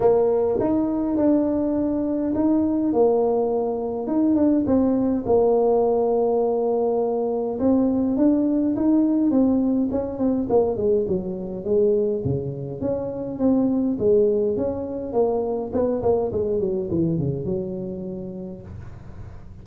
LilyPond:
\new Staff \with { instrumentName = "tuba" } { \time 4/4 \tempo 4 = 103 ais4 dis'4 d'2 | dis'4 ais2 dis'8 d'8 | c'4 ais2.~ | ais4 c'4 d'4 dis'4 |
c'4 cis'8 c'8 ais8 gis8 fis4 | gis4 cis4 cis'4 c'4 | gis4 cis'4 ais4 b8 ais8 | gis8 fis8 e8 cis8 fis2 | }